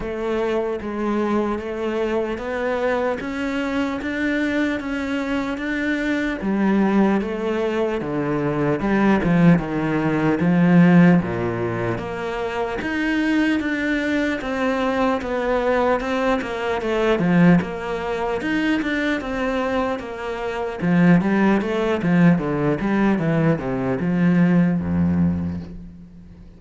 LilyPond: \new Staff \with { instrumentName = "cello" } { \time 4/4 \tempo 4 = 75 a4 gis4 a4 b4 | cis'4 d'4 cis'4 d'4 | g4 a4 d4 g8 f8 | dis4 f4 ais,4 ais4 |
dis'4 d'4 c'4 b4 | c'8 ais8 a8 f8 ais4 dis'8 d'8 | c'4 ais4 f8 g8 a8 f8 | d8 g8 e8 c8 f4 f,4 | }